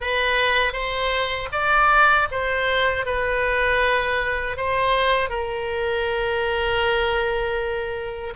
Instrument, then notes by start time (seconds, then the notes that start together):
oboe
0.00 B4
0.72 C5
1.52 D5
2.31 C5
3.05 B4
4.56 C5
5.29 A#4